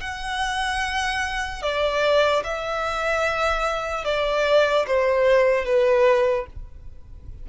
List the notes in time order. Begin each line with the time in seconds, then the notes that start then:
0.00 F#5
1.62 D5
2.44 E5
4.05 D5
4.87 C5
5.65 B4